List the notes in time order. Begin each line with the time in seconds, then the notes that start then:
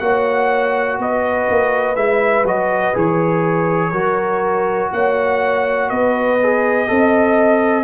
0.00 A#3 F#4 C#5 F#5
0.99 B3 B4 D#5
1.50 A#3
1.96 G#3 E4 E5
2.44 F#3 F#4 D#5
2.94 E3 G#4 C#5
3.92 F#3 F#4 A#4
4.93 A#3 C#5 F#5
5.90 B3 B4 D#5
6.43 G#4
6.88 C4 A4 D#5